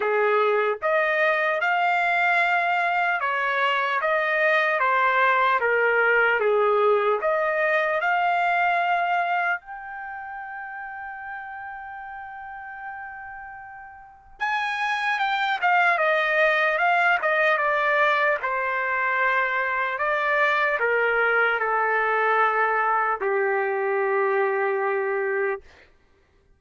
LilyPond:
\new Staff \with { instrumentName = "trumpet" } { \time 4/4 \tempo 4 = 75 gis'4 dis''4 f''2 | cis''4 dis''4 c''4 ais'4 | gis'4 dis''4 f''2 | g''1~ |
g''2 gis''4 g''8 f''8 | dis''4 f''8 dis''8 d''4 c''4~ | c''4 d''4 ais'4 a'4~ | a'4 g'2. | }